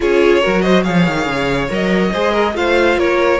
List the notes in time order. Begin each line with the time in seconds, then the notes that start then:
0.00 C#4 F4 G#4 C#5
0.41 F#3 F#4 A#4
0.61 C5 D#5
0.83 F3 G#4 C#5 F5
1.07 D#3
1.25 C#3
1.69 F#3 A#4 D#5
2.11 G#3 G#4 C5
2.31 A#4
2.54 A3 F4 C5 F5
2.97 A#3 A#4 C#5